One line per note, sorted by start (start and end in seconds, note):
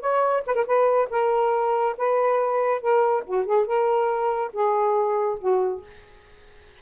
0.00 0.43 C#5
0.46 0.55 B4
0.55 0.65 A#4
0.66 1.09 B4
1.10 1.96 A#4
1.97 2.81 B4
2.81 3.24 A#4
3.26 3.45 F#4
3.45 3.66 G#4
3.66 4.52 A#4
4.53 5.38 G#4
5.39 5.82 F#4